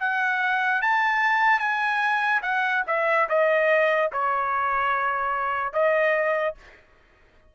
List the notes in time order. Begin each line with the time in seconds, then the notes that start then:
0.00 F#5
0.82 A5
1.60 G#5
2.42 F#5
2.87 E5
3.29 D#5
4.12 C#5
5.73 D#5